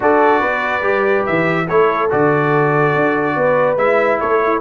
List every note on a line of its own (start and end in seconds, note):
0.00 0.42 D4
0.00 0.82 F#4
0.00 0.40 A4
0.00 1.26 D5
0.40 0.81 B3
0.40 1.65 B4
0.81 1.23 G3
0.81 1.66 G4
1.26 1.69 E3
1.26 1.68 E5
1.68 2.11 A3
1.68 2.09 E4
1.68 3.36 A4
1.68 2.10 C#5
2.09 2.95 D3
2.09 3.77 F#4
2.09 3.77 D5
2.95 3.36 D4
3.36 3.76 B3
3.36 4.19 B4
3.76 4.18 G#3
3.76 4.60 E4
3.76 4.19 E5
4.20 4.60 A3
4.20 4.42 A4
4.20 4.60 C#5
4.43 4.60 E4